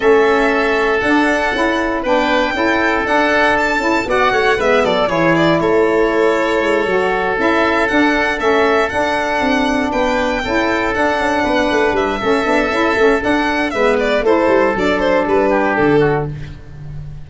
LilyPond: <<
  \new Staff \with { instrumentName = "violin" } { \time 4/4 \tempo 4 = 118 e''2 fis''2 | g''2 fis''4 a''4 | fis''4 e''8 d''8 cis''8 d''8 cis''4~ | cis''2~ cis''8 e''4 fis''8~ |
fis''8 e''4 fis''2 g''8~ | g''4. fis''2 e''8~ | e''2 fis''4 e''8 d''8 | c''4 d''8 c''8 b'4 a'4 | }
  \new Staff \with { instrumentName = "oboe" } { \time 4/4 a'1 | b'4 a'2. | d''8 cis''8 b'8 a'8 gis'4 a'4~ | a'1~ |
a'2.~ a'8 b'8~ | b'8 a'2 b'4. | a'2. b'4 | a'2~ a'8 g'4 fis'8 | }
  \new Staff \with { instrumentName = "saxophone" } { \time 4/4 cis'2 d'4 e'4 | d'4 e'4 d'4. e'8 | fis'4 b4 e'2~ | e'4. fis'4 e'4 d'8~ |
d'8 cis'4 d'2~ d'8~ | d'8 e'4 d'2~ d'8 | cis'8 d'8 e'8 cis'8 d'4 b4 | e'4 d'2. | }
  \new Staff \with { instrumentName = "tuba" } { \time 4/4 a2 d'4 cis'4 | b4 cis'4 d'4. cis'8 | b8 a8 gis8 fis8 e4 a4~ | a4 gis8 fis4 cis'4 d'8~ |
d'8 a4 d'4 c'4 b8~ | b8 cis'4 d'8 cis'8 b8 a8 g8 | a8 b8 cis'8 a8 d'4 gis4 | a8 g8 fis4 g4 d4 | }
>>